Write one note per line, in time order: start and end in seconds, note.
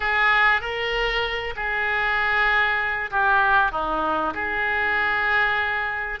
0.00 0.61 G#4
0.61 1.54 A#4
1.55 3.10 G#4
3.10 3.71 G4
3.71 4.33 D#4
4.34 6.19 G#4